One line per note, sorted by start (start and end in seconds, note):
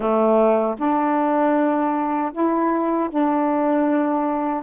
0.00 0.75 A3
0.78 2.32 D4
2.33 3.09 E4
3.09 4.63 D4